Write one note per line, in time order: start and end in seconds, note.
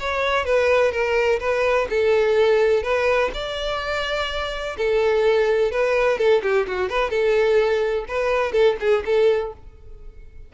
0.00 0.45 C#5
0.45 0.92 B4
0.92 1.40 A#4
1.40 1.88 B4
1.90 2.83 A4
2.83 3.31 B4
3.34 4.77 D5
4.78 5.72 A4
5.72 6.18 B4
6.18 6.42 A4
6.43 6.67 G4
6.68 6.90 F#4
6.90 7.11 B4
7.11 8.06 A4
8.09 8.53 B4
8.53 8.76 A4
8.81 9.04 G#4
9.06 9.53 A4